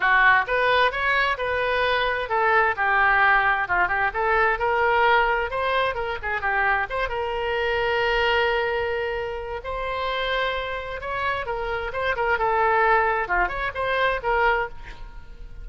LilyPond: \new Staff \with { instrumentName = "oboe" } { \time 4/4 \tempo 4 = 131 fis'4 b'4 cis''4 b'4~ | b'4 a'4 g'2 | f'8 g'8 a'4 ais'2 | c''4 ais'8 gis'8 g'4 c''8 ais'8~ |
ais'1~ | ais'4 c''2. | cis''4 ais'4 c''8 ais'8 a'4~ | a'4 f'8 cis''8 c''4 ais'4 | }